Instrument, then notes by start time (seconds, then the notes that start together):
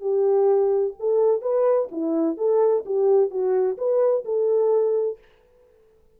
horn
0.00 G4
0.99 A4
1.41 B4
1.91 E4
2.37 A4
2.85 G4
3.30 F#4
3.77 B4
4.24 A4